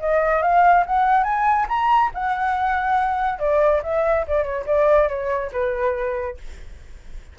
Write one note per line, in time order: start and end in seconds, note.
0.00 0.42 D#5
0.42 0.85 F5
0.86 1.24 F#5
1.24 1.66 G#5
1.69 2.11 A#5
2.14 3.39 F#5
3.39 3.82 D5
3.83 4.26 E5
4.27 4.44 D5
4.44 4.65 C#5
4.66 5.09 D5
5.09 5.51 C#5
5.52 6.38 B4